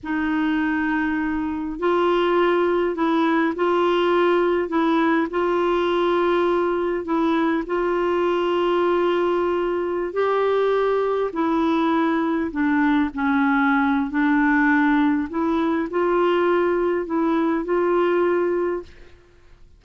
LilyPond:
\new Staff \with { instrumentName = "clarinet" } { \time 4/4 \tempo 4 = 102 dis'2. f'4~ | f'4 e'4 f'2 | e'4 f'2. | e'4 f'2.~ |
f'4~ f'16 g'2 e'8.~ | e'4~ e'16 d'4 cis'4.~ cis'16 | d'2 e'4 f'4~ | f'4 e'4 f'2 | }